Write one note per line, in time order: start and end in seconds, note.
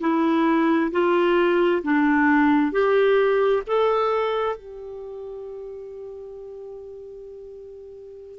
0.00 0.91 E4
0.91 1.82 F4
1.82 2.71 D4
2.71 3.62 G4
3.66 4.56 A4
4.56 8.38 G4